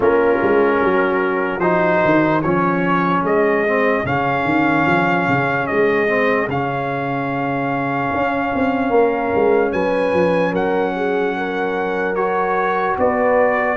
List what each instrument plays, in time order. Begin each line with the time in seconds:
0.00 tuba A#3, trombone C#4, horn F4, trumpet A#4
0.42 tuba G#3
0.80 tuba F#3, horn F#4
1.58 tuba F3, trombone D#4, trumpet C5
2.04 tuba D#3
2.42 tuba F3, trombone C#4, horn G#4, trumpet C#5
3.22 tuba G#3, trumpet D#5
3.66 trombone C4
4.04 tuba C#3, trombone C#4, trumpet F5
4.45 tuba D#3
4.86 tuba F3
5.28 tuba C#3
5.67 tuba G#3, trumpet D#5
6.07 trombone C4
6.47 tuba C#3, trombone C#4, trumpet F5
8.12 tuba C#4
8.55 tuba C4
8.89 tuba A#3, horn A#4
9.35 tuba G#3
9.72 tuba F#3, horn B4, trumpet G#5
10.12 tuba F3
10.51 tuba F#3, horn A#4, trumpet F#5
10.95 horn G#4
11.36 horn A#4
12.15 trombone F#4, trumpet C#5
12.97 tuba B3, horn B4, trumpet D5